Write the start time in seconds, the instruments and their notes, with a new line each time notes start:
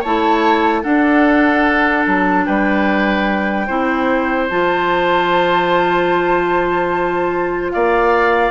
0.00 bassoon A3, clarinet E4, oboe C#5, flute A5
0.82 clarinet D4, bassoon D4, oboe A4, flute F#5
2.07 bassoon F#3, flute A5
2.46 bassoon G3, oboe B4, flute G5
3.67 bassoon C4, clarinet E4, oboe C5
4.48 bassoon F3, clarinet F4, flute A5
7.71 bassoon A#3, oboe D5, flute F5